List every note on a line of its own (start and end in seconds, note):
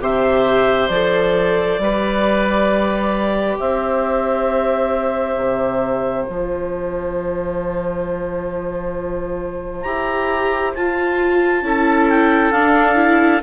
0.00 0.89 C3
0.00 0.91 G4
0.00 1.82 C5
0.00 0.89 E5
0.89 1.79 F3
0.89 1.82 A4
0.89 3.57 D5
1.79 3.58 G3
1.79 6.28 G4
1.79 3.60 B4
3.59 5.37 C4
3.59 11.66 C5
3.59 6.24 E5
5.37 6.26 C3
6.24 9.85 F3
6.24 9.85 F4
6.24 9.82 A5
9.82 10.75 E4
9.82 10.75 G4
9.82 10.72 A#5
10.75 11.64 F4
10.75 11.62 F4
10.75 12.09 A5
11.62 12.52 C#4
11.62 12.54 E4
11.62 13.43 A4
12.09 12.52 G5
12.52 13.41 D4
12.52 12.95 D4
12.52 13.41 F5
12.95 13.40 E4